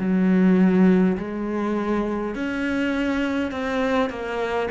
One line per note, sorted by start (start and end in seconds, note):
0.00 1.18 F#3
1.18 2.35 G#3
2.35 3.52 C#4
3.52 4.10 C4
4.10 4.69 A#3